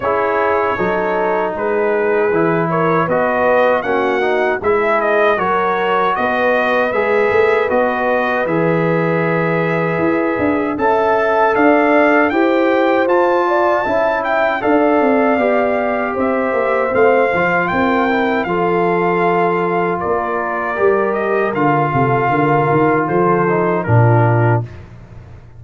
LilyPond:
<<
  \new Staff \with { instrumentName = "trumpet" } { \time 4/4 \tempo 4 = 78 cis''2 b'4. cis''8 | dis''4 fis''4 e''8 dis''8 cis''4 | dis''4 e''4 dis''4 e''4~ | e''2 a''4 f''4 |
g''4 a''4. g''8 f''4~ | f''4 e''4 f''4 g''4 | f''2 d''4. dis''8 | f''2 c''4 ais'4 | }
  \new Staff \with { instrumentName = "horn" } { \time 4/4 gis'4 a'4 gis'4. ais'8 | b'4 fis'4 gis'4 ais'4 | b'1~ | b'2 e''4 d''4 |
c''4. d''8 e''4 d''4~ | d''4 c''2 ais'4 | a'2 ais'2~ | ais'8 a'8 ais'4 a'4 f'4 | }
  \new Staff \with { instrumentName = "trombone" } { \time 4/4 e'4 dis'2 e'4 | fis'4 cis'8 dis'8 e'4 fis'4~ | fis'4 gis'4 fis'4 gis'4~ | gis'2 a'2 |
g'4 f'4 e'4 a'4 | g'2 c'8 f'4 e'8 | f'2. g'4 | f'2~ f'8 dis'8 d'4 | }
  \new Staff \with { instrumentName = "tuba" } { \time 4/4 cis'4 fis4 gis4 e4 | b4 ais4 gis4 fis4 | b4 gis8 a8 b4 e4~ | e4 e'8 d'8 cis'4 d'4 |
e'4 f'4 cis'4 d'8 c'8 | b4 c'8 ais8 a8 f8 c'4 | f2 ais4 g4 | d8 c8 d8 dis8 f4 ais,4 | }
>>